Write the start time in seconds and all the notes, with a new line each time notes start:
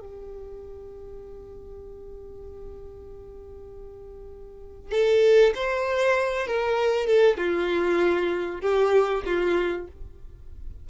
0.00 G4
4.92 A4
5.56 C5
6.48 A#4
7.07 A4
7.38 F4
8.61 G4
9.26 F4